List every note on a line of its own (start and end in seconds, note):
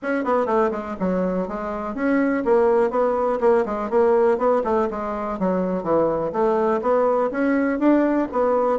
0.02 0.24 C#4
0.24 0.46 B3
0.46 0.70 A3
0.71 0.95 G#3
0.99 1.48 F#3
1.48 1.94 G#3
1.94 2.43 C#4
2.44 2.90 A#3
2.90 3.39 B3
3.40 3.65 A#3
3.65 3.90 G#3
3.90 4.38 A#3
4.38 4.62 B3
4.63 4.88 A3
4.90 5.39 G#3
5.39 5.83 F#3
5.83 6.32 E3
6.32 6.80 A3
6.81 7.30 B3
7.31 7.79 C#4
7.79 8.27 D4
8.31 8.79 B3